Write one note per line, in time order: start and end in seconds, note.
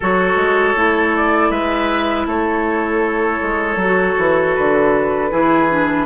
0.00 0.36 F#3
0.00 0.75 F#4
0.00 1.50 A4
0.00 1.16 C#5
0.36 0.74 G#3
0.75 1.50 A3
0.75 3.79 E4
1.16 1.50 D5
1.50 2.25 G#3
1.50 2.26 B4
1.50 2.26 E5
2.25 3.39 A3
2.25 5.30 A4
2.25 4.54 C#5
3.42 3.75 G#3
3.75 4.13 F#3
3.84 5.30 F#4
4.18 4.56 E3
4.54 5.31 D3
4.54 6.06 B4
5.30 6.06 E3
5.30 5.68 E4
5.30 6.06 G#4
5.69 6.06 D4